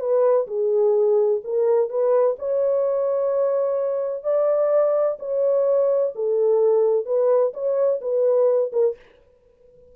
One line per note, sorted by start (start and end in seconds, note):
0.00 0.47 B4
0.47 1.41 G#4
1.44 1.90 A#4
1.90 2.37 B4
2.39 4.24 C#5
4.24 5.17 D5
5.19 6.13 C#5
6.15 7.06 A4
7.06 7.53 B4
7.53 8.00 C#5
8.01 8.71 B4
8.72 8.96 A#4